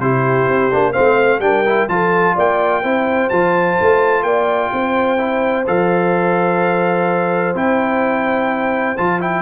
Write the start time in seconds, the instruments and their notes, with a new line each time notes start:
0.00 tuba C3, trombone E4, horn G4, trumpet C5
0.48 tuba C4
0.71 tuba A#3, trombone D4
0.92 tuba A3, trombone C4, horn C5, trumpet F5
1.40 tuba G3, trombone D4, horn A#4, trumpet G5
1.66 trombone E4
1.89 tuba F3, trombone F4, horn A4, trumpet A5
2.35 tuba A#3, horn D5, trumpet G5
2.83 tuba C4, trombone E4, horn C5
3.30 tuba F3, trombone F4, trumpet A5
3.81 tuba A3
4.23 tuba A#3, horn D5, trumpet G5
4.73 tuba C4, horn C5
5.18 trombone E4
5.67 tuba F3, trombone A4, trumpet F5
7.55 tuba C4, trombone E4, trumpet G5
8.97 tuba F3, trombone F4, trumpet A5
9.20 trombone E4, trumpet G5